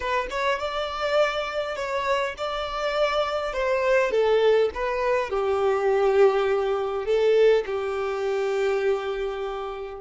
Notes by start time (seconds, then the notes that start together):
0.00 B4
0.30 C#5
0.59 D5
1.76 C#5
2.37 D5
3.53 C5
4.11 A4
4.74 B4
5.30 G4
7.05 A4
7.66 G4